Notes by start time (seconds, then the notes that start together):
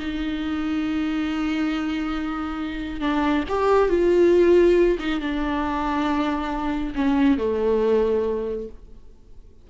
0.00 D#4
3.01 D4
3.49 G4
3.90 F4
4.99 D#4
5.21 D4
6.95 C#4
7.38 A3